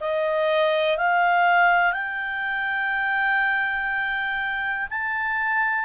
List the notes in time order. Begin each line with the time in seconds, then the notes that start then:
0.00 D#5
0.97 F5
1.93 G5
4.90 A5